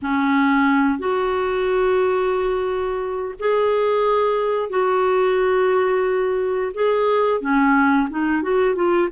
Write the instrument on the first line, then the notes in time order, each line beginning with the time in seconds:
clarinet
0.02 C#4
0.98 F#4
3.39 G#4
4.69 F#4
6.74 G#4
7.40 C#4
8.09 D#4
8.42 F#4
8.75 F4